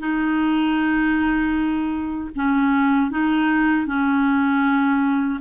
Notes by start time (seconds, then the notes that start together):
0.00 D#4
2.36 C#4
3.11 D#4
3.87 C#4